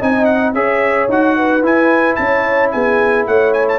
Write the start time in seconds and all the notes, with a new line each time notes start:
0.00 C4 D#4 D#5 G#5
0.25 F#5
0.54 C#4 G#4 C#5 E5
1.09 D#4 F#4 F#5
1.37 B4
1.63 E4 G#5
2.16 C#4 C#5 A5
2.72 B3 G#4 G#5
3.27 A3 C#5 F#5
3.54 G#5
3.69 A5